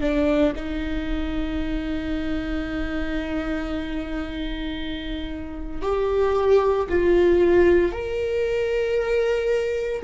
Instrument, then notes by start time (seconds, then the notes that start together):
viola
0.00 D4
0.55 D#4
5.81 G4
6.89 F4
7.92 A#4